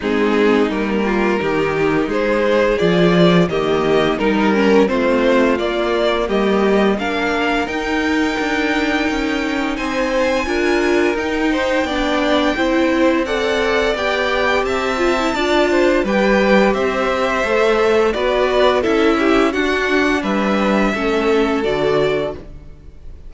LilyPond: <<
  \new Staff \with { instrumentName = "violin" } { \time 4/4 \tempo 4 = 86 gis'4 ais'2 c''4 | d''4 dis''4 ais'4 c''4 | d''4 dis''4 f''4 g''4~ | g''2 gis''2 |
g''2. fis''4 | g''4 a''2 g''4 | e''2 d''4 e''4 | fis''4 e''2 d''4 | }
  \new Staff \with { instrumentName = "violin" } { \time 4/4 dis'4. f'8 g'4 gis'4~ | gis'4 g'4 ais'4 f'4~ | f'4 g'4 ais'2~ | ais'2 c''4 ais'4~ |
ais'8 c''8 d''4 c''4 d''4~ | d''4 e''4 d''8 c''8 b'4 | c''2 b'4 a'8 g'8 | fis'4 b'4 a'2 | }
  \new Staff \with { instrumentName = "viola" } { \time 4/4 c'4 ais4 dis'2 | f'4 ais4 dis'8 cis'8 c'4 | ais2 d'4 dis'4~ | dis'2. f'4 |
dis'4 d'4 e'4 a'4 | g'4. f'16 e'16 f'4 g'4~ | g'4 a'4 fis'4 e'4 | d'2 cis'4 fis'4 | }
  \new Staff \with { instrumentName = "cello" } { \time 4/4 gis4 g4 dis4 gis4 | f4 dis4 g4 a4 | ais4 g4 ais4 dis'4 | d'4 cis'4 c'4 d'4 |
dis'4 b4 c'2 | b4 c'4 d'4 g4 | c'4 a4 b4 cis'4 | d'4 g4 a4 d4 | }
>>